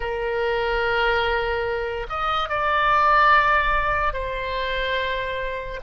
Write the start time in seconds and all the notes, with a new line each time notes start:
0.00 A#4
2.09 D#5
2.49 D5
4.13 C5